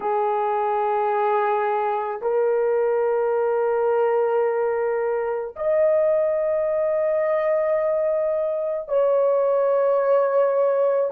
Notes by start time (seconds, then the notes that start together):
0.00 G#4
2.21 A#4
5.56 D#5
8.88 C#5